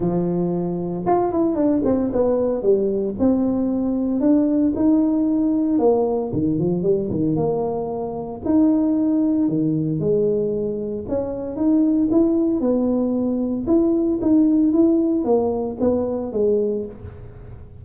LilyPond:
\new Staff \with { instrumentName = "tuba" } { \time 4/4 \tempo 4 = 114 f2 f'8 e'8 d'8 c'8 | b4 g4 c'2 | d'4 dis'2 ais4 | dis8 f8 g8 dis8 ais2 |
dis'2 dis4 gis4~ | gis4 cis'4 dis'4 e'4 | b2 e'4 dis'4 | e'4 ais4 b4 gis4 | }